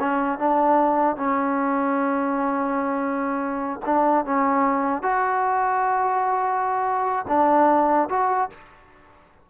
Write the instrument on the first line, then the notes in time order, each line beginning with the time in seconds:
trombone
0.00 C#4
0.39 D4
1.16 C#4
3.86 D4
4.25 C#4
5.03 F#4
7.28 D4
8.09 F#4